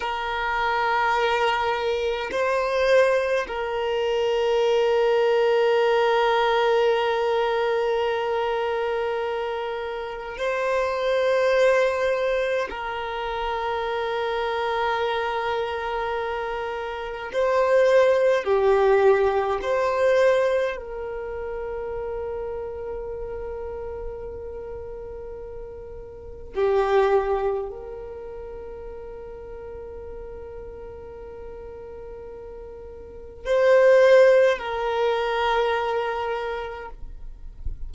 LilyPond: \new Staff \with { instrumentName = "violin" } { \time 4/4 \tempo 4 = 52 ais'2 c''4 ais'4~ | ais'1~ | ais'4 c''2 ais'4~ | ais'2. c''4 |
g'4 c''4 ais'2~ | ais'2. g'4 | ais'1~ | ais'4 c''4 ais'2 | }